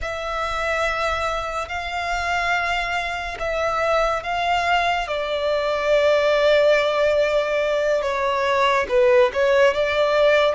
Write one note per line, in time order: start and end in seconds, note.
0.01 1.68 E5
1.68 3.37 F5
3.39 4.23 E5
4.23 5.07 F5
5.07 8.01 D5
8.01 8.86 C#5
8.88 9.31 B4
9.33 9.74 C#5
9.74 10.54 D5